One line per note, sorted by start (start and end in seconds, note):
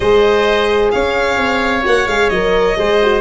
0.00 0.92 G#3
0.00 1.83 G#4
0.00 0.92 C5
0.00 0.90 D#5
0.91 1.37 C#4
0.91 2.78 C#5
0.91 1.83 F5
1.37 1.83 C4
1.83 2.06 A#3
1.83 2.06 F#4
1.83 2.07 F#5
2.06 2.29 G#3
2.06 2.32 G#4
2.06 2.29 F5
2.29 2.76 F#3
2.29 2.77 A#4
2.29 3.20 D#5
2.77 3.20 G#3
2.77 3.00 G#4
2.77 3.20 C5
3.01 3.20 F#4